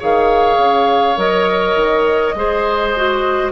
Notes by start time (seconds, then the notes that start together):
0.00 D#3 G#4 C#5 F5
0.58 C#3
1.17 F#3 A#4 D#5
1.76 D#3
2.35 G#3 G#4 C5
2.97 F#4